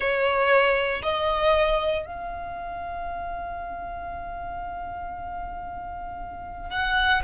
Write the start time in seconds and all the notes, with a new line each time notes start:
0.00 C#5
1.02 D#5
2.06 F5
6.70 F#5